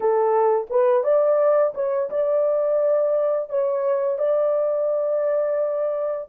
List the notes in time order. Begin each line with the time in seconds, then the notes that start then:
0.00 A4
0.70 B4
1.03 D5
1.74 C#5
2.10 D5
3.49 C#5
4.18 D5